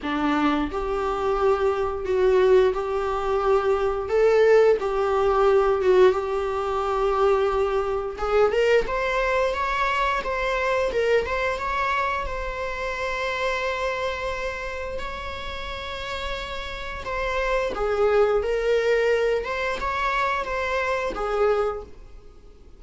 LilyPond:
\new Staff \with { instrumentName = "viola" } { \time 4/4 \tempo 4 = 88 d'4 g'2 fis'4 | g'2 a'4 g'4~ | g'8 fis'8 g'2. | gis'8 ais'8 c''4 cis''4 c''4 |
ais'8 c''8 cis''4 c''2~ | c''2 cis''2~ | cis''4 c''4 gis'4 ais'4~ | ais'8 c''8 cis''4 c''4 gis'4 | }